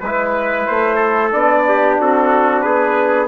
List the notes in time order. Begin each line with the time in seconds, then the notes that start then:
0.00 G#3 E4 B4
0.66 A3 C5
0.96 A4
1.32 B3 D4 D5
1.68 G4
2.00 C4 F#4 A4
2.61 B3 G#4 B4